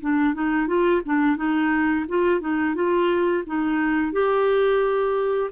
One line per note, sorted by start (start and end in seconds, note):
0.00 0.34 D4
0.34 0.67 D#4
0.67 1.02 F4
1.05 1.36 D4
1.36 2.05 D#4
2.08 2.40 F4
2.40 2.75 D#4
2.75 3.44 F4
3.46 4.12 D#4
4.12 5.50 G4